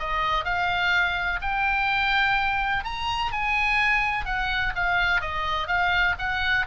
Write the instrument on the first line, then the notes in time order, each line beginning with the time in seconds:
oboe
0.00 D#5
0.45 F5
1.42 G5
2.85 A#5
3.32 G#5
4.26 F#5
4.76 F5
5.22 D#5
5.68 F5
6.19 F#5